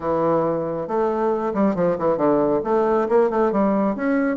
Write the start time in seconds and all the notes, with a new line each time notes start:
0.00 E3
0.87 A3
1.53 G3
1.75 F3
1.98 E3
2.17 D3
2.64 A3
3.08 A#3
3.30 A3
3.52 G3
3.95 C#4